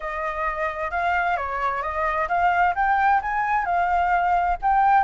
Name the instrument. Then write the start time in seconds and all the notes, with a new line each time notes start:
flute
0.00 D#5
0.91 F5
1.36 C#5
1.82 D#5
2.28 F5
2.75 G5
3.22 G#5
3.65 F5
4.61 G5